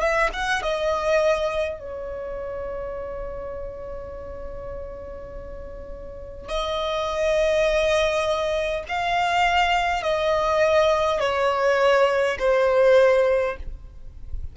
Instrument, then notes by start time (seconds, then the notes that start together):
violin
0.00 E5
0.33 F#5
0.62 D#5
1.80 C#5
6.49 D#5
8.88 F5
10.03 D#5
11.20 C#5
12.39 C5